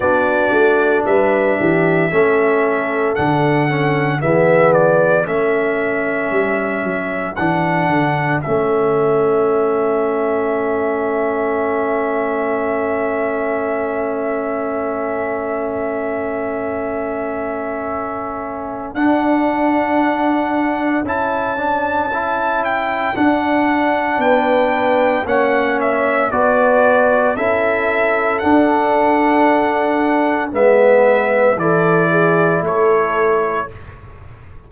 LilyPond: <<
  \new Staff \with { instrumentName = "trumpet" } { \time 4/4 \tempo 4 = 57 d''4 e''2 fis''4 | e''8 d''8 e''2 fis''4 | e''1~ | e''1~ |
e''2 fis''2 | a''4. g''8 fis''4 g''4 | fis''8 e''8 d''4 e''4 fis''4~ | fis''4 e''4 d''4 cis''4 | }
  \new Staff \with { instrumentName = "horn" } { \time 4/4 fis'4 b'8 g'8 a'2 | gis'4 a'2.~ | a'1~ | a'1~ |
a'1~ | a'2. b'4 | cis''4 b'4 a'2~ | a'4 b'4 a'8 gis'8 a'4 | }
  \new Staff \with { instrumentName = "trombone" } { \time 4/4 d'2 cis'4 d'8 cis'8 | b4 cis'2 d'4 | cis'1~ | cis'1~ |
cis'2 d'2 | e'8 d'8 e'4 d'2 | cis'4 fis'4 e'4 d'4~ | d'4 b4 e'2 | }
  \new Staff \with { instrumentName = "tuba" } { \time 4/4 b8 a8 g8 e8 a4 d4 | e4 a4 g8 fis8 e8 d8 | a1~ | a1~ |
a2 d'2 | cis'2 d'4 b4 | ais4 b4 cis'4 d'4~ | d'4 gis4 e4 a4 | }
>>